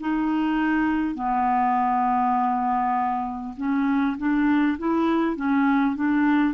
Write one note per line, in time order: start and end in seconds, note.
0.00 1.15 D#4
1.15 3.55 B3
3.56 4.16 C#4
4.17 4.77 D4
4.78 5.36 E4
5.36 5.96 C#4
5.96 6.53 D4